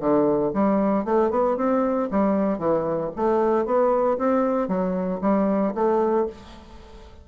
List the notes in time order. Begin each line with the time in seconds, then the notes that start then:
0.00 D3
0.54 G3
1.05 A3
1.31 B3
1.57 C4
2.11 G3
2.58 E3
3.16 A3
3.65 B3
4.18 C4
4.68 F#3
5.22 G3
5.75 A3